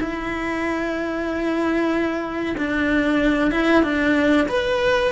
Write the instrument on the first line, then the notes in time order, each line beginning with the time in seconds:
cello
0.00 E4
2.57 D4
3.51 E4
3.83 D4
4.49 B4